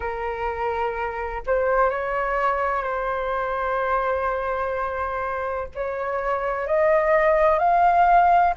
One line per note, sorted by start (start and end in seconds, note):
0.00 1.42 A#4
1.46 1.90 C5
1.90 2.82 C#5
2.82 5.68 C5
5.74 6.67 C#5
6.67 7.58 D#5
7.58 8.54 F5